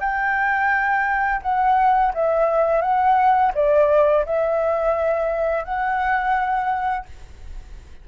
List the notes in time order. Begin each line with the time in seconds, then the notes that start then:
0.00 G5
1.42 F#5
2.14 E5
2.81 F#5
3.54 D5
4.26 E5
5.64 F#5